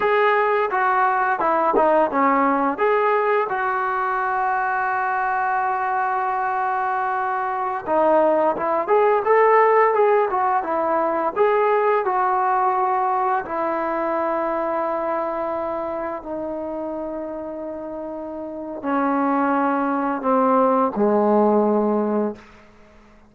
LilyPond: \new Staff \with { instrumentName = "trombone" } { \time 4/4 \tempo 4 = 86 gis'4 fis'4 e'8 dis'8 cis'4 | gis'4 fis'2.~ | fis'2.~ fis'16 dis'8.~ | dis'16 e'8 gis'8 a'4 gis'8 fis'8 e'8.~ |
e'16 gis'4 fis'2 e'8.~ | e'2.~ e'16 dis'8.~ | dis'2. cis'4~ | cis'4 c'4 gis2 | }